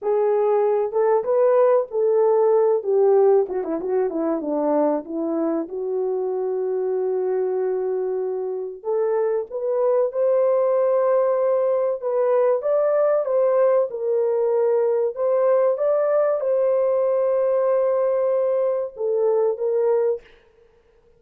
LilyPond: \new Staff \with { instrumentName = "horn" } { \time 4/4 \tempo 4 = 95 gis'4. a'8 b'4 a'4~ | a'8 g'4 fis'16 e'16 fis'8 e'8 d'4 | e'4 fis'2.~ | fis'2 a'4 b'4 |
c''2. b'4 | d''4 c''4 ais'2 | c''4 d''4 c''2~ | c''2 a'4 ais'4 | }